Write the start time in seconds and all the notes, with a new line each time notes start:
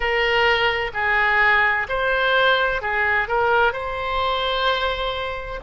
0.00 A#4
0.93 G#4
1.88 C5
2.81 G#4
3.28 A#4
3.72 C5